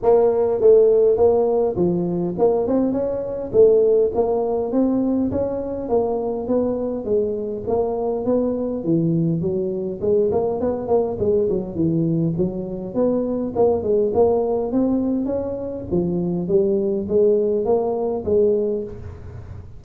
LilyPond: \new Staff \with { instrumentName = "tuba" } { \time 4/4 \tempo 4 = 102 ais4 a4 ais4 f4 | ais8 c'8 cis'4 a4 ais4 | c'4 cis'4 ais4 b4 | gis4 ais4 b4 e4 |
fis4 gis8 ais8 b8 ais8 gis8 fis8 | e4 fis4 b4 ais8 gis8 | ais4 c'4 cis'4 f4 | g4 gis4 ais4 gis4 | }